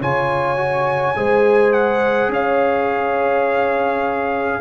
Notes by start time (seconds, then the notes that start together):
0.00 C#3 F4 C#5 G#5
0.56 F#4
1.15 G#3 G#4 C5
1.73 F#5
2.28 C#4 C#5 F5